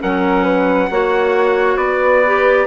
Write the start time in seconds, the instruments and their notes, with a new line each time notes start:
0.00 bassoon F#3, clarinet C#4, flute A#4, trumpet F#5
0.44 flute B4
0.91 bassoon A#3, clarinet F#4, flute C#5
1.77 bassoon B3, flute B4, trumpet D5
2.26 clarinet G4